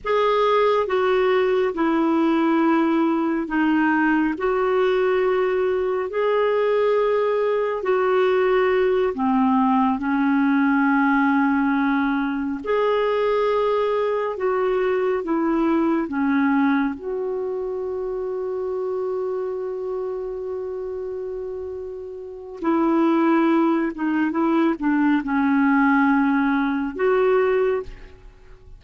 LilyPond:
\new Staff \with { instrumentName = "clarinet" } { \time 4/4 \tempo 4 = 69 gis'4 fis'4 e'2 | dis'4 fis'2 gis'4~ | gis'4 fis'4. c'4 cis'8~ | cis'2~ cis'8 gis'4.~ |
gis'8 fis'4 e'4 cis'4 fis'8~ | fis'1~ | fis'2 e'4. dis'8 | e'8 d'8 cis'2 fis'4 | }